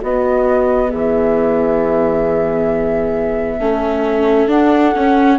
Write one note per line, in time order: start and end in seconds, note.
0.00 0.93 B3
0.00 3.61 B3
0.00 0.89 F#4
0.00 0.91 D#5
0.89 3.60 E3
0.89 3.58 G#4
0.89 4.49 E5
3.60 4.47 A3
3.60 4.48 C#4
3.60 5.39 A4
4.47 4.92 D4
4.47 4.93 D4
4.47 5.39 F#5
4.95 5.39 C#4